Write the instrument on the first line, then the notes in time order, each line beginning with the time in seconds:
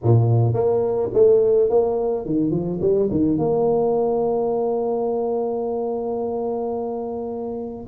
tuba
0.03 A#2
0.53 A#3
1.13 A3
1.69 A#3
2.25 D#3
2.51 F3
2.81 G3
3.10 D#3
3.38 A#3